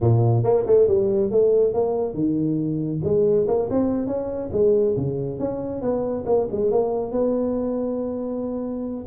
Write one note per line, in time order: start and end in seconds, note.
0.01 0.43 A#2
0.43 0.65 A#3
0.66 0.87 A3
0.87 1.30 G3
1.30 1.73 A3
1.73 2.14 A#3
2.14 3.00 D#3
3.03 3.46 G#3
3.47 3.69 A#3
3.70 4.06 C4
4.06 4.50 C#4
4.52 4.95 G#3
4.96 5.39 C#3
5.39 5.81 C#4
5.81 6.24 B3
6.26 6.47 A#3
6.51 6.71 G#3
6.71 7.11 A#3
7.11 9.05 B3